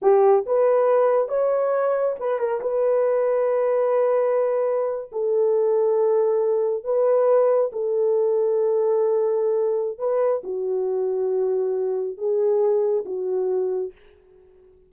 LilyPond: \new Staff \with { instrumentName = "horn" } { \time 4/4 \tempo 4 = 138 g'4 b'2 cis''4~ | cis''4 b'8 ais'8 b'2~ | b'2.~ b'8. a'16~ | a'2.~ a'8. b'16~ |
b'4.~ b'16 a'2~ a'16~ | a'2. b'4 | fis'1 | gis'2 fis'2 | }